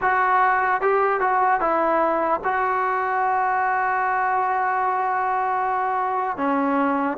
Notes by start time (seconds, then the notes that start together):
0.01 F#4
0.81 G4
1.20 F#4
1.60 E4
2.44 F#4
6.37 C#4